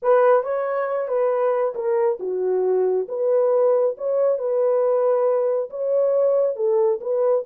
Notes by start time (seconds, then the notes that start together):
0.02 B4
0.43 C#5
1.08 B4
1.75 A#4
2.19 F#4
3.08 B4
3.97 C#5
4.38 B4
5.70 C#5
6.56 A4
7.01 B4